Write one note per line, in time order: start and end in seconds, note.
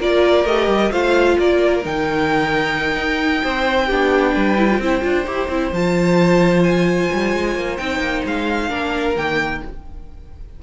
0.00 0.45 A#3
0.00 0.46 F4
0.00 0.91 A#4
0.00 0.46 D5
0.45 0.68 A3
0.45 0.92 G4
0.45 0.92 D#5
0.68 0.90 G3
0.91 1.38 A3
0.91 1.83 F4
0.91 1.37 C5
0.91 1.38 F5
1.39 1.85 A#3
1.39 3.44 A#4
1.39 1.85 D5
1.83 2.97 D#3
1.83 3.89 D#4
1.83 5.73 G5
2.97 3.43 D#4
3.44 3.91 C4
3.44 3.87 C5
3.87 4.36 B3
3.87 4.58 D4
3.87 4.32 G4
4.34 4.79 G3
4.34 4.80 B4
4.58 4.69 E4
4.70 4.82 F4
4.79 5.02 C4
4.79 5.01 E4
4.79 8.70 C5
5.01 5.27 D4
5.01 5.24 F4
5.27 5.48 E4
5.27 5.49 G4
5.48 5.71 C4
5.48 5.73 E4
5.72 7.09 F3
5.72 7.78 F4
5.72 6.64 A5
6.64 7.77 G#5
7.12 7.33 G3
7.33 7.55 G#3
7.55 7.78 A#3
7.77 7.99 C4
7.77 8.69 D#4
7.77 8.23 G5
7.99 8.22 A#3
8.26 8.71 G#3
8.26 9.17 F5
8.69 9.16 A#3
8.69 9.15 D4
8.69 9.61 A#4
9.16 9.62 D#3
9.16 9.63 A#3
9.16 9.62 G5